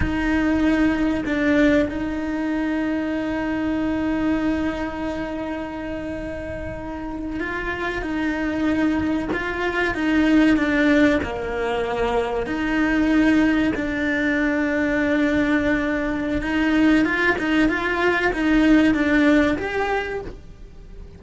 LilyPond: \new Staff \with { instrumentName = "cello" } { \time 4/4 \tempo 4 = 95 dis'2 d'4 dis'4~ | dis'1~ | dis'2.~ dis'8. f'16~ | f'8. dis'2 f'4 dis'16~ |
dis'8. d'4 ais2 dis'16~ | dis'4.~ dis'16 d'2~ d'16~ | d'2 dis'4 f'8 dis'8 | f'4 dis'4 d'4 g'4 | }